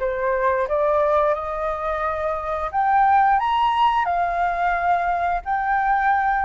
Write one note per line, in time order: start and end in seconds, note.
0.00 0.68 C5
0.69 1.35 D5
1.35 2.71 D#5
2.72 3.40 G5
3.40 4.05 A#5
4.05 5.42 F5
5.45 6.46 G5